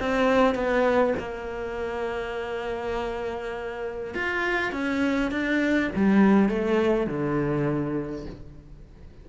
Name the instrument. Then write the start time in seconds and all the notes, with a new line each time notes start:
cello
0.00 C4
0.55 B3
1.19 A#3
4.15 F4
4.73 C#4
5.31 D4
5.96 G3
6.49 A3
7.07 D3